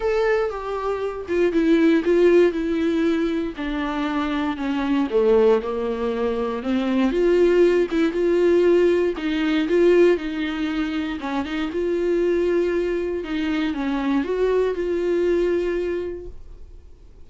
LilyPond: \new Staff \with { instrumentName = "viola" } { \time 4/4 \tempo 4 = 118 a'4 g'4. f'8 e'4 | f'4 e'2 d'4~ | d'4 cis'4 a4 ais4~ | ais4 c'4 f'4. e'8 |
f'2 dis'4 f'4 | dis'2 cis'8 dis'8 f'4~ | f'2 dis'4 cis'4 | fis'4 f'2. | }